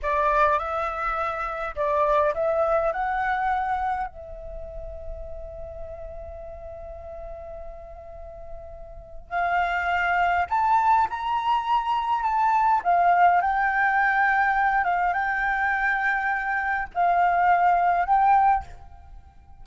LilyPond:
\new Staff \with { instrumentName = "flute" } { \time 4/4 \tempo 4 = 103 d''4 e''2 d''4 | e''4 fis''2 e''4~ | e''1~ | e''1 |
f''2 a''4 ais''4~ | ais''4 a''4 f''4 g''4~ | g''4. f''8 g''2~ | g''4 f''2 g''4 | }